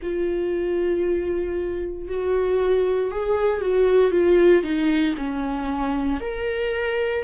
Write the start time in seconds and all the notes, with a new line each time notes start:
0.02 F4
2.08 F#4
3.11 G#4
3.61 F#4
4.11 F4
4.63 D#4
5.17 C#4
6.20 A#4